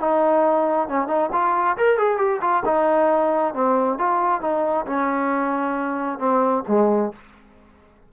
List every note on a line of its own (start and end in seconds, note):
0.00 0.88 D#4
0.88 1.07 C#4
1.07 1.29 D#4
1.32 1.77 F4
1.77 1.98 A#4
1.98 2.18 G#4
2.18 2.40 G4
2.41 2.63 F4
2.65 3.54 D#4
3.54 3.98 C4
3.98 4.41 F4
4.41 4.86 D#4
4.86 6.18 C#4
6.18 6.63 C4
6.68 7.12 G#3